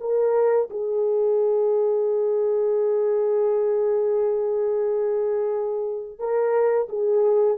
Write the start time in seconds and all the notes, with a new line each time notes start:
0.00 A#4
0.70 G#4
6.19 A#4
6.89 G#4